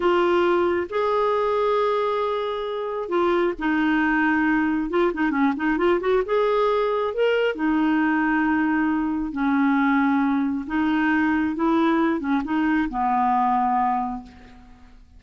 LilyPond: \new Staff \with { instrumentName = "clarinet" } { \time 4/4 \tempo 4 = 135 f'2 gis'2~ | gis'2. f'4 | dis'2. f'8 dis'8 | cis'8 dis'8 f'8 fis'8 gis'2 |
ais'4 dis'2.~ | dis'4 cis'2. | dis'2 e'4. cis'8 | dis'4 b2. | }